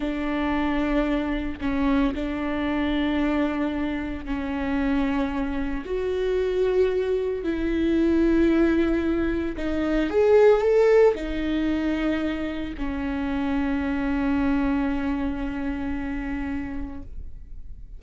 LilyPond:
\new Staff \with { instrumentName = "viola" } { \time 4/4 \tempo 4 = 113 d'2. cis'4 | d'1 | cis'2. fis'4~ | fis'2 e'2~ |
e'2 dis'4 gis'4 | a'4 dis'2. | cis'1~ | cis'1 | }